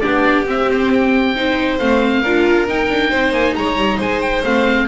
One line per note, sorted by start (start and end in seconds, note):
0.00 0.47 B3
0.00 0.46 D4
0.00 1.35 G4
0.00 0.44 D5
0.47 1.35 C4
0.47 1.79 C4
0.47 0.71 E5
0.71 0.93 C5
0.93 1.79 G5
1.35 1.79 D#4
1.35 2.22 C5
1.79 2.24 A3
1.79 2.24 C4
1.79 2.67 F5
2.22 2.68 D4
2.22 2.67 F4
2.22 3.10 A#4
2.67 4.44 D#4
2.67 2.89 D#4
2.67 3.33 G5
2.89 3.11 D4
3.10 3.32 C4
3.10 3.54 C5
3.32 3.54 A#3
3.32 3.55 G#5
3.55 3.76 G#3
3.55 3.97 C#5
3.55 3.99 A#5
3.76 3.98 G3
3.97 4.44 G#3
3.97 4.85 C5
3.97 4.21 G#5
4.21 4.43 G5
4.44 4.88 A3
4.44 4.88 C4
4.44 4.88 F5